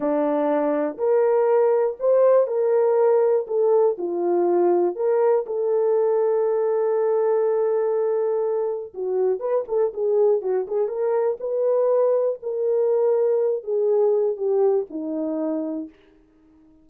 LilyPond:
\new Staff \with { instrumentName = "horn" } { \time 4/4 \tempo 4 = 121 d'2 ais'2 | c''4 ais'2 a'4 | f'2 ais'4 a'4~ | a'1~ |
a'2 fis'4 b'8 a'8 | gis'4 fis'8 gis'8 ais'4 b'4~ | b'4 ais'2~ ais'8 gis'8~ | gis'4 g'4 dis'2 | }